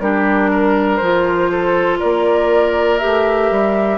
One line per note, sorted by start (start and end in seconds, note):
0.00 1.00 G3
0.00 1.02 D4
0.00 0.51 G4
0.00 0.96 A#4
0.51 1.51 A#4
0.96 2.01 F3
0.96 3.00 F4
0.96 1.96 C5
1.51 1.99 A4
1.99 3.03 A#3
1.99 3.98 A#4
1.99 2.99 D5
2.99 3.98 G4
2.99 3.98 E5
3.05 3.51 A3
3.51 3.98 G3